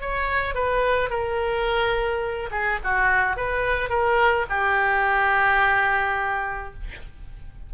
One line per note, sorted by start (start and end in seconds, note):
0.00 0.54 C#5
0.54 1.09 B4
1.09 2.50 A#4
2.51 2.79 G#4
2.83 3.36 F#4
3.36 3.89 B4
3.89 4.45 A#4
4.49 6.73 G4